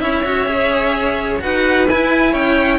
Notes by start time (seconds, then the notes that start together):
0.00 C#4 E4 C#5 E5
0.24 F#4
0.46 G#4
1.39 D#4 F#4 B4 F#5
1.88 E4 G#5
2.31 C#4 C#5 G5